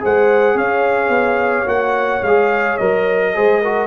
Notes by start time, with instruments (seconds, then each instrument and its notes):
0.00 tuba G#3, trombone G#4, horn C5, trumpet F#5
0.54 tuba C#4, horn C#5, trumpet F5
1.08 tuba B3
1.65 tuba A#3, trombone F#4, trumpet F#5
2.22 tuba G#3, trombone G#4, trumpet F5
2.77 tuba F#3, trombone A#4, trumpet D#5
3.34 tuba G#3, trombone G#4, horn C5
3.61 trombone F#4, horn A#4